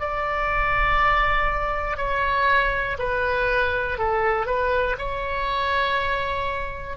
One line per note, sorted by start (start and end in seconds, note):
0.00 1.97 D5
1.97 2.97 C#5
2.98 3.98 B4
3.98 4.46 A4
4.46 4.96 B4
4.98 6.97 C#5